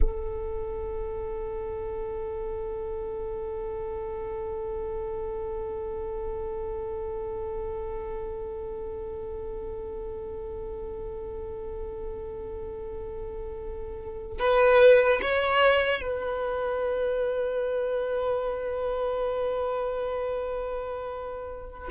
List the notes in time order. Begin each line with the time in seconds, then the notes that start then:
0.00 A4
14.38 B4
15.21 C#5
16.01 B4